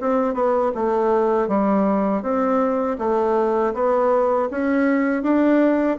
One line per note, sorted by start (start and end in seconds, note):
0.00 0.34 C4
0.34 0.71 B3
0.74 1.48 A3
1.48 2.22 G3
2.22 2.97 C4
2.98 3.73 A3
3.74 4.49 B3
4.50 5.22 C#4
5.22 5.97 D4